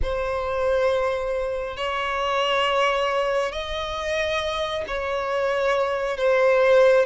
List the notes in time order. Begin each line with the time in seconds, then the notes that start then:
0.02 C5
1.76 C#5
3.51 D#5
4.87 C#5
6.17 C5